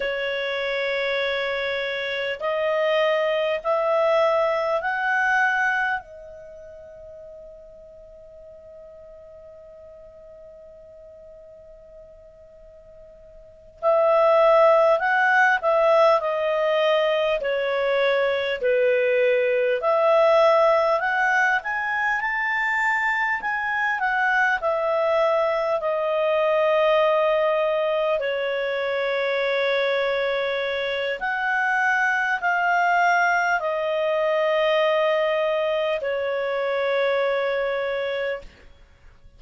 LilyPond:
\new Staff \with { instrumentName = "clarinet" } { \time 4/4 \tempo 4 = 50 cis''2 dis''4 e''4 | fis''4 dis''2.~ | dis''2.~ dis''8 e''8~ | e''8 fis''8 e''8 dis''4 cis''4 b'8~ |
b'8 e''4 fis''8 gis''8 a''4 gis''8 | fis''8 e''4 dis''2 cis''8~ | cis''2 fis''4 f''4 | dis''2 cis''2 | }